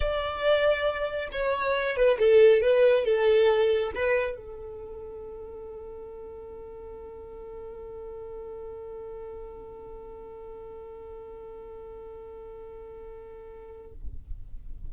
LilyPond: \new Staff \with { instrumentName = "violin" } { \time 4/4 \tempo 4 = 138 d''2. cis''4~ | cis''8 b'8 a'4 b'4 a'4~ | a'4 b'4 a'2~ | a'1~ |
a'1~ | a'1~ | a'1~ | a'1 | }